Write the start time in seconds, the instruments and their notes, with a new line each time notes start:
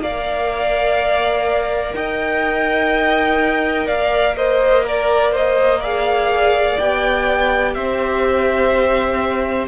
0.00 cello A#3, viola A#4, violin D5 F5
1.95 cello D#4, violin D#5 G5
3.86 cello A#3, violin D5 F5
4.36 violin C5 D#5
4.84 violin A#4 D5
5.32 violin C5 D#5
5.80 viola G#4, violin D5 F5
6.79 cello B3, viola G4, violin G5
7.74 cello C4, violin C5 E5